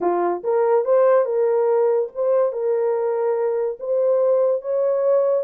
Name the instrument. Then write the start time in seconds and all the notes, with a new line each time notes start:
horn
0.00 F4
0.43 A#4
0.84 C5
1.25 A#4
2.14 C5
2.52 A#4
3.79 C5
4.61 C#5